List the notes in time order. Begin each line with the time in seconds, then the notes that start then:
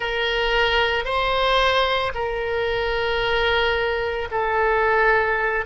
0.00 A#4
1.05 C5
2.14 A#4
4.31 A4